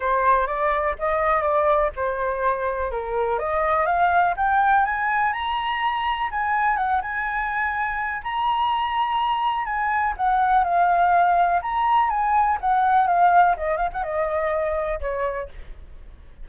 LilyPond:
\new Staff \with { instrumentName = "flute" } { \time 4/4 \tempo 4 = 124 c''4 d''4 dis''4 d''4 | c''2 ais'4 dis''4 | f''4 g''4 gis''4 ais''4~ | ais''4 gis''4 fis''8 gis''4.~ |
gis''4 ais''2. | gis''4 fis''4 f''2 | ais''4 gis''4 fis''4 f''4 | dis''8 f''16 fis''16 dis''2 cis''4 | }